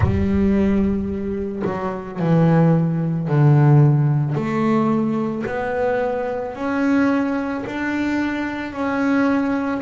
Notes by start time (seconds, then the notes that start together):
0.00 G3
1.64 F#3
2.19 E3
3.28 D3
4.34 A3
5.46 B3
6.55 C#4
7.66 D4
8.72 C#4